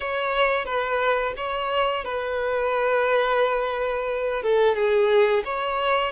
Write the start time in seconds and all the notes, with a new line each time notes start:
0.00 C#5
0.65 B4
1.36 C#5
2.04 B4
4.43 A4
4.75 G#4
5.45 C#5